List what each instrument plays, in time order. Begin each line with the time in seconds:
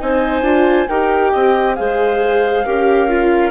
0.00 bassoon C4, viola D#4, clarinet C5, flute G#5
0.42 bassoon D4, viola F4
0.88 bassoon D#4, viola G4, clarinet A#4, flute G5
1.31 bassoon C4, clarinet D#5
1.75 bassoon G#3, viola G#4, clarinet C5, flute F5
2.65 bassoon C#4, viola G4, clarinet A#4
3.09 viola F4